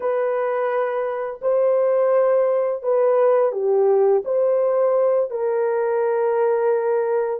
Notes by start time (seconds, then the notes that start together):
0.00 B4
1.41 C5
2.82 B4
3.52 G4
4.24 C5
5.30 A#4